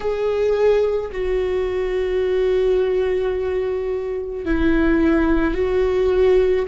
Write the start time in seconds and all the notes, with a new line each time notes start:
0.00 G#4
1.11 F#4
4.44 E4
5.54 F#4